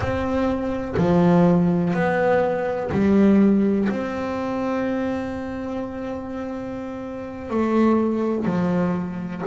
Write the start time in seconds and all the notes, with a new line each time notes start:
0.00 C4
0.97 F3
1.94 B3
2.91 G3
3.89 C4
7.50 A3
8.45 F3